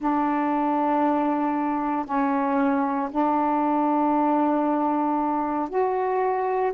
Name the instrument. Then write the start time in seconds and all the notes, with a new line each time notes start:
saxophone
0.00 D4
2.05 C#4
3.10 D4
5.69 F#4